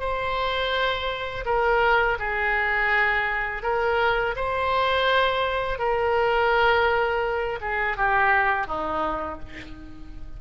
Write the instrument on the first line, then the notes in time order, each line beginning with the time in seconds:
oboe
0.00 C5
1.46 A#4
2.19 G#4
3.63 A#4
4.36 C5
5.79 A#4
7.61 G#4
7.97 G4
8.67 D#4